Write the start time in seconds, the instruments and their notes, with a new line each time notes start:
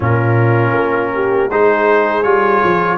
0.00 tuba A#2, trombone C#4, horn F4, trumpet A#4
0.73 tuba A#3
1.13 horn G4
1.49 tuba G#3, trombone D#4, horn G#4, trumpet C5
2.22 tuba G3, trombone F4, trumpet C#5
2.63 tuba F3